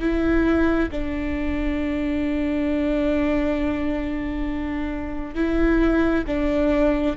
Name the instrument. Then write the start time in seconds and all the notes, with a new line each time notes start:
viola
0.00 E4
0.91 D4
5.35 E4
6.27 D4